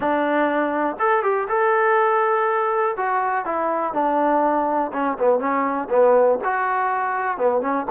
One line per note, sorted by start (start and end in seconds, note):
0.00 0.96 D4
0.99 1.23 A4
1.23 1.47 G4
1.48 2.96 A4
2.96 3.45 F#4
3.45 3.93 E4
3.93 4.91 D4
4.92 5.17 C#4
5.19 5.39 B3
5.39 5.88 C#4
5.89 6.38 B3
6.44 7.37 F#4
7.37 7.61 B3
7.61 7.86 C#4